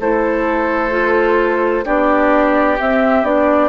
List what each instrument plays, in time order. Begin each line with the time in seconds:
0.00 bassoon A3, clarinet E4, oboe A4, flute C5
0.91 clarinet F4
1.85 bassoon B3, clarinet D4, oboe G4, flute D5
2.78 clarinet C4, bassoon C4, flute E5
3.23 bassoon B3, clarinet D4, flute D5